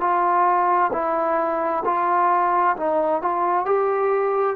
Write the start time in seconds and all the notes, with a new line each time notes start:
0.00 F4
0.93 E4
1.85 F4
2.77 D#4
3.21 F4
3.65 G4